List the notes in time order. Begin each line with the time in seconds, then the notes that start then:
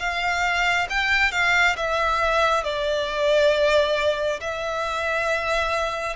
0.00 F5
0.90 G5
1.32 F5
1.77 E5
2.64 D5
4.41 E5